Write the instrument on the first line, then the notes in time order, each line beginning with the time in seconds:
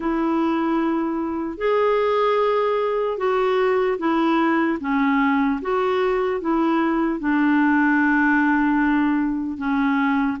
clarinet
0.00 E4
1.57 G#4
3.17 F#4
3.98 E4
4.80 C#4
5.61 F#4
6.40 E4
7.19 D4
9.57 C#4